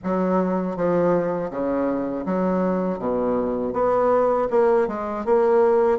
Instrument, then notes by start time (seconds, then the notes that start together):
bassoon
0.03 F#3
0.76 F3
1.50 C#3
2.25 F#3
2.98 B2
3.73 B3
4.50 A#3
4.88 G#3
5.25 A#3